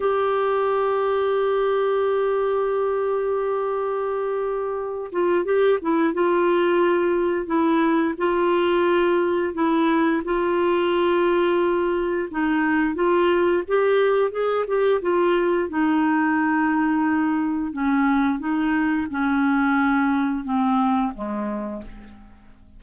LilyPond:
\new Staff \with { instrumentName = "clarinet" } { \time 4/4 \tempo 4 = 88 g'1~ | g'2.~ g'8 f'8 | g'8 e'8 f'2 e'4 | f'2 e'4 f'4~ |
f'2 dis'4 f'4 | g'4 gis'8 g'8 f'4 dis'4~ | dis'2 cis'4 dis'4 | cis'2 c'4 gis4 | }